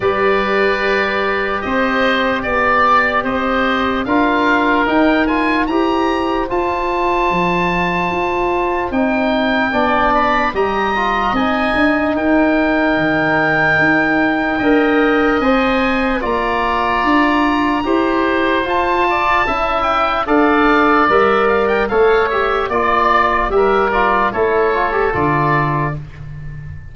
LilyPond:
<<
  \new Staff \with { instrumentName = "oboe" } { \time 4/4 \tempo 4 = 74 d''2 dis''4 d''4 | dis''4 f''4 g''8 gis''8 ais''4 | a''2. g''4~ | g''8 b''8 ais''4 gis''4 g''4~ |
g''2. gis''4 | ais''2. a''4~ | a''8 g''8 f''4 e''8 f''16 g''16 f''8 e''8 | d''4 e''8 d''8 cis''4 d''4 | }
  \new Staff \with { instrumentName = "oboe" } { \time 4/4 b'2 c''4 d''4 | c''4 ais'2 c''4~ | c''1 | d''4 dis''2 ais'4~ |
ais'2 dis''2 | d''2 c''4. d''8 | e''4 d''2 cis''4 | d''4 ais'4 a'2 | }
  \new Staff \with { instrumentName = "trombone" } { \time 4/4 g'1~ | g'4 f'4 dis'8 f'8 g'4 | f'2. dis'4 | d'4 g'8 f'8 dis'2~ |
dis'2 ais'4 c''4 | f'2 g'4 f'4 | e'4 a'4 ais'4 a'8 g'8 | f'4 g'8 f'8 e'8 f'16 g'16 f'4 | }
  \new Staff \with { instrumentName = "tuba" } { \time 4/4 g2 c'4 b4 | c'4 d'4 dis'4 e'4 | f'4 f4 f'4 c'4 | b4 g4 c'8 d'8 dis'4 |
dis4 dis'4 d'4 c'4 | ais4 d'4 e'4 f'4 | cis'4 d'4 g4 a4 | ais4 g4 a4 d4 | }
>>